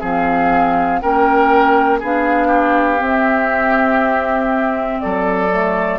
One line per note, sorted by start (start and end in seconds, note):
0.00 1.01 F3
0.00 1.01 C4
0.00 1.00 G#4
0.00 0.99 F5
0.99 2.02 A#3
0.99 2.01 C#4
0.99 2.00 A#4
0.99 1.99 G5
2.00 3.00 B3
2.00 2.98 D4
2.00 2.47 G#4
2.00 3.03 F5
2.47 4.97 G4
2.98 5.48 C4
2.98 5.00 C4
2.98 5.00 E5
5.00 5.99 F#3
5.00 5.99 A4
5.00 5.99 D5
5.51 5.99 A3